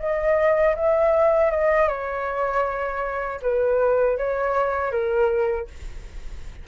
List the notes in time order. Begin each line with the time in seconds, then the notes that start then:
0.00 D#5
0.76 E5
1.52 D#5
1.88 C#5
3.42 B4
4.18 C#5
4.92 A#4